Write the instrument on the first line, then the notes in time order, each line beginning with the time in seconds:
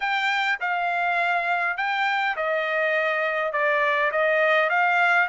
trumpet
0.00 G5
0.60 F5
1.77 G5
2.36 D#5
3.52 D5
4.11 D#5
4.69 F5